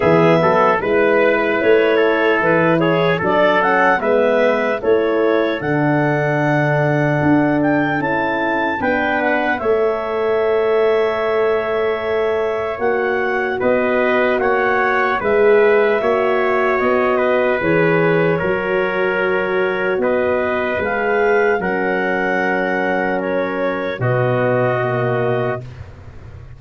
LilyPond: <<
  \new Staff \with { instrumentName = "clarinet" } { \time 4/4 \tempo 4 = 75 e''4 b'4 cis''4 b'8 cis''8 | d''8 fis''8 e''4 cis''4 fis''4~ | fis''4. g''8 a''4 g''8 fis''8 | e''1 |
fis''4 dis''4 fis''4 e''4~ | e''4 dis''4 cis''2~ | cis''4 dis''4 f''4 fis''4~ | fis''4 cis''4 dis''2 | }
  \new Staff \with { instrumentName = "trumpet" } { \time 4/4 gis'8 a'8 b'4. a'4 gis'8 | a'4 b'4 a'2~ | a'2. b'4 | cis''1~ |
cis''4 b'4 cis''4 b'4 | cis''4. b'4. ais'4~ | ais'4 b'2 ais'4~ | ais'2 fis'2 | }
  \new Staff \with { instrumentName = "horn" } { \time 4/4 b4 e'2. | d'8 cis'8 b4 e'4 d'4~ | d'2 e'4 d'4 | a'1 |
fis'2. gis'4 | fis'2 gis'4 fis'4~ | fis'2 gis'4 cis'4~ | cis'2 b4 ais4 | }
  \new Staff \with { instrumentName = "tuba" } { \time 4/4 e8 fis8 gis4 a4 e4 | fis4 gis4 a4 d4~ | d4 d'4 cis'4 b4 | a1 |
ais4 b4 ais4 gis4 | ais4 b4 e4 fis4~ | fis4 b4 gis4 fis4~ | fis2 b,2 | }
>>